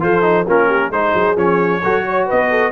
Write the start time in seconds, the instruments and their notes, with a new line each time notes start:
0.00 tuba F3, trombone F4, horn A4, trumpet C5
0.22 trombone D#4
0.46 tuba A#3, trombone C#4, horn F4, trumpet A#4
0.68 horn G4
0.90 tuba G#3, trombone D#4, horn G#4, trumpet C5
1.14 tuba F#3
1.36 tuba F3, trombone C#4, trumpet C#5
1.82 tuba F#3, trombone F#4, horn A4
2.08 horn C#5
2.26 tuba B3, horn B4, trumpet D#5
2.50 horn A4